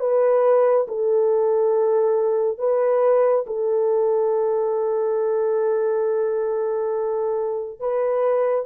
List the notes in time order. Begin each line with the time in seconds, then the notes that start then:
0.00 B4
0.88 A4
2.58 B4
3.47 A4
7.80 B4